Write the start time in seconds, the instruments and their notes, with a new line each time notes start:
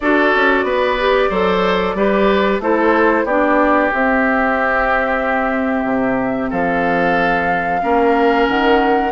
0.00 bassoon D4, clarinet F#4, oboe A4, flute D5
0.35 bassoon C#4
0.63 bassoon B3, oboe B4
0.99 clarinet G4
1.29 bassoon F#3, clarinet A4, oboe C5
1.95 bassoon G3, clarinet G4, oboe B4
2.59 bassoon A3, clarinet E4, oboe A4, flute C5
3.24 bassoon B3, clarinet D4, oboe G4, flute D5
3.91 clarinet C4, bassoon C4, flute E5
5.84 bassoon C3
6.49 bassoon F3, oboe A4, flute F5
7.82 bassoon A#3, clarinet C#4, oboe A#4
8.48 bassoon D#3, flute F#5